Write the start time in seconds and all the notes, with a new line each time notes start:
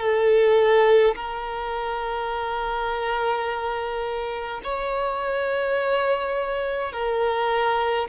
0.00 A4
1.15 A#4
4.64 C#5
6.93 A#4